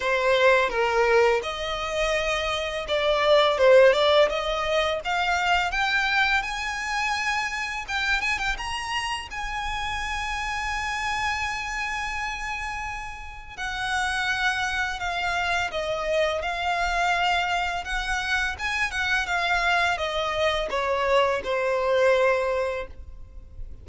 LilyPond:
\new Staff \with { instrumentName = "violin" } { \time 4/4 \tempo 4 = 84 c''4 ais'4 dis''2 | d''4 c''8 d''8 dis''4 f''4 | g''4 gis''2 g''8 gis''16 g''16 | ais''4 gis''2.~ |
gis''2. fis''4~ | fis''4 f''4 dis''4 f''4~ | f''4 fis''4 gis''8 fis''8 f''4 | dis''4 cis''4 c''2 | }